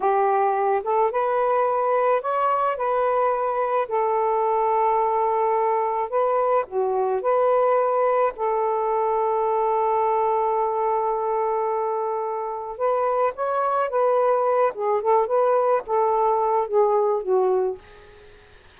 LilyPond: \new Staff \with { instrumentName = "saxophone" } { \time 4/4 \tempo 4 = 108 g'4. a'8 b'2 | cis''4 b'2 a'4~ | a'2. b'4 | fis'4 b'2 a'4~ |
a'1~ | a'2. b'4 | cis''4 b'4. gis'8 a'8 b'8~ | b'8 a'4. gis'4 fis'4 | }